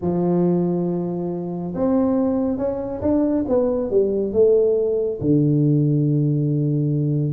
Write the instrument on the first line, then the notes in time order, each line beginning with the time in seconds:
tuba
0.01 F3
1.74 C4
2.57 C#4
3.01 D4
3.48 B3
3.90 G3
4.32 A3
5.20 D3